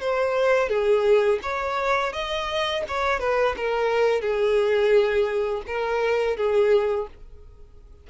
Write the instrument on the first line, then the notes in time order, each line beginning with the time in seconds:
violin
0.00 C5
0.68 G#4
1.42 C#5
2.13 D#5
2.87 C#5
3.19 B4
3.56 A#4
4.21 G#4
5.66 A#4
6.36 G#4